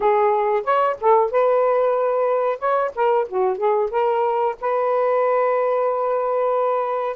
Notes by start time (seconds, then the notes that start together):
0.00 G#4
0.64 C#5
1.00 A4
1.31 B4
2.58 C#5
2.95 A#4
3.28 F#4
3.57 G#4
3.90 A#4
4.60 B4